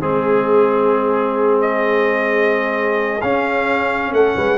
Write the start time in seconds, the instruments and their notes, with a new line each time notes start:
0.00 tuba G#3, trombone C4, horn G#4, trumpet G#4
1.61 trumpet D#5
3.21 trombone C#4, tuba C#4, trumpet F5
4.12 tuba A3, horn A4, trumpet F#5
4.37 tuba G#3, horn B4